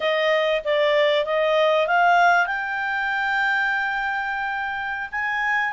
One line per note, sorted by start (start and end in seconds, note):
0.00 0.62 D#5
0.64 1.25 D5
1.25 1.87 D#5
1.87 2.46 F5
2.46 5.09 G5
5.11 5.73 G#5